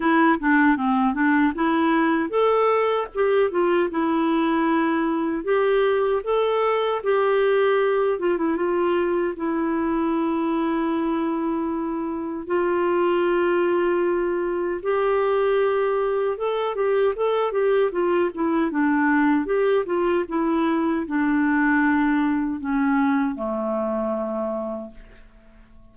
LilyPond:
\new Staff \with { instrumentName = "clarinet" } { \time 4/4 \tempo 4 = 77 e'8 d'8 c'8 d'8 e'4 a'4 | g'8 f'8 e'2 g'4 | a'4 g'4. f'16 e'16 f'4 | e'1 |
f'2. g'4~ | g'4 a'8 g'8 a'8 g'8 f'8 e'8 | d'4 g'8 f'8 e'4 d'4~ | d'4 cis'4 a2 | }